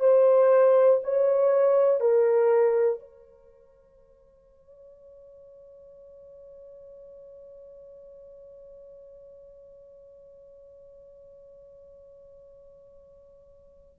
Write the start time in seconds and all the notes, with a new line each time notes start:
0.00 C5
1.04 C#5
2.00 A#4
3.00 C#5